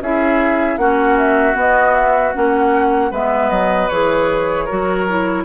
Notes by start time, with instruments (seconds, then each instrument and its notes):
0.00 bassoon C#4, clarinet E4, oboe G#4, flute E5
0.77 bassoon A#3, clarinet C#4, oboe F#4, flute F#5
1.17 flute E5
1.53 clarinet B3, bassoon B3, flute D#5
1.94 flute E5
2.33 bassoon A#3, clarinet C#4, flute F#5
3.11 bassoon G#3, clarinet B3, oboe B4, flute E5
3.49 bassoon F#3, flute D#5
3.88 bassoon E3, clarinet G#4, flute C#5
4.65 clarinet F#4, oboe A#4
4.71 bassoon F#3
5.08 clarinet E4